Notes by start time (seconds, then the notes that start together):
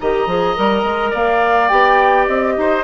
0.00 D#3 G4 D#5 A#5
0.27 F3 G#4
0.56 G3 A#4
0.84 G#3
1.11 A#3 D5 F5
1.69 B3 G4 G5
2.27 C4 D#5
2.57 D#4 C5